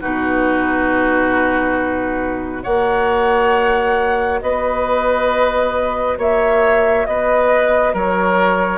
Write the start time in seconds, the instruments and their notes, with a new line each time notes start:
0.00 bassoon B2, clarinet D#4, oboe F#4, flute B4
2.63 bassoon A#3, clarinet F#4, oboe C#5, flute F#5
4.41 bassoon B3, oboe B4, flute D#5
6.18 bassoon A#3, oboe C#5, flute E5
7.06 bassoon B3, oboe B4, flute D#5
7.93 bassoon F#3, oboe A#4, flute C#5